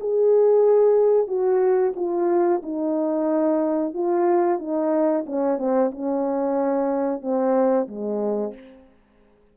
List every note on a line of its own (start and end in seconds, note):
0.00 1.27 G#4
1.27 1.93 F#4
1.96 2.62 F4
2.63 3.94 D#4
3.94 4.59 F4
4.59 5.25 D#4
5.26 5.58 C#4
5.58 5.91 C4
5.92 7.22 C#4
7.22 7.88 C4
7.88 8.54 G#3